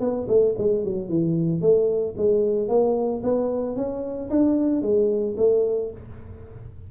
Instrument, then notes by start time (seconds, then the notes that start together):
tuba
0.00 B3
0.28 A3
0.58 G#3
0.84 F#3
1.09 E3
1.61 A3
2.17 G#3
2.68 A#3
3.23 B3
3.76 C#4
4.30 D4
4.82 G#3
5.37 A3